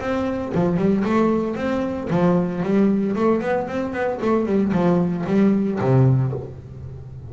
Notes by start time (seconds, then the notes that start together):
0.00 C4
0.54 F3
0.77 G3
1.04 A3
1.56 C4
2.10 F3
2.63 G3
3.16 A3
3.41 B3
3.67 C4
3.93 B3
4.21 A3
4.46 G3
4.72 F3
5.27 G3
5.80 C3